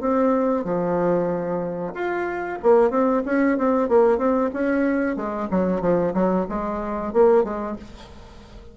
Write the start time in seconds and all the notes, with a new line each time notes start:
0.00 C4
0.64 F3
1.94 F4
2.62 A#3
2.90 C4
3.25 C#4
3.57 C4
3.88 A#3
4.18 C4
4.53 C#4
5.16 G#3
5.50 F#3
5.81 F3
6.13 F#3
6.49 G#3
7.13 A#3
7.44 G#3